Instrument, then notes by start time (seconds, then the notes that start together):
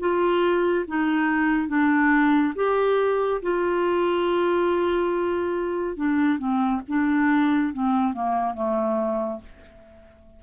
clarinet
0.00 F4
0.88 D#4
1.68 D4
2.56 G4
3.42 F4
5.97 D4
6.39 C4
6.88 D4
7.73 C4
8.14 A#3
8.54 A3